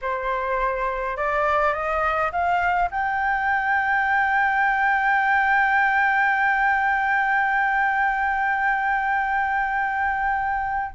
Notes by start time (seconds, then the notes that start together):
0.01 C5
1.16 D5
1.73 D#5
2.32 F5
2.90 G5